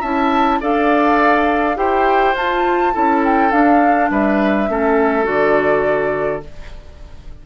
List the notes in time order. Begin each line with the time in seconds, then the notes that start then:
0.00 C#4 E4 E5 A5
0.60 D4 A4 D5 F5
1.75 E4 G4 C5 G5
2.34 F4 A5
2.92 C#4 E4 A4
3.24 G5
3.51 D4 F5
4.10 G3 B4 E5
4.68 A3 C#4 A4
5.23 D3 F#4 D5